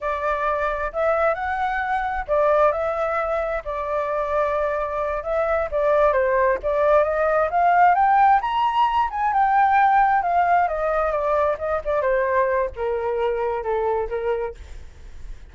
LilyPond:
\new Staff \with { instrumentName = "flute" } { \time 4/4 \tempo 4 = 132 d''2 e''4 fis''4~ | fis''4 d''4 e''2 | d''2.~ d''8 e''8~ | e''8 d''4 c''4 d''4 dis''8~ |
dis''8 f''4 g''4 ais''4. | gis''8 g''2 f''4 dis''8~ | dis''8 d''4 dis''8 d''8 c''4. | ais'2 a'4 ais'4 | }